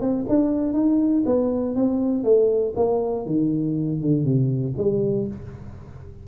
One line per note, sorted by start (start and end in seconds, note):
0.00 0.25 C4
0.28 0.73 D4
0.73 1.23 D#4
1.25 1.75 B3
1.75 2.23 C4
2.23 2.73 A3
2.75 3.25 A#3
3.25 4.00 D#3
4.00 4.24 D3
4.24 4.74 C3
4.77 5.27 G3